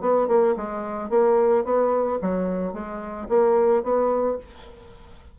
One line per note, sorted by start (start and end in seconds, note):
0.00 0.27 B3
0.27 0.55 A#3
0.56 1.10 G#3
1.10 1.64 A#3
1.64 2.19 B3
2.21 2.73 F#3
2.73 3.27 G#3
3.29 3.83 A#3
3.83 4.38 B3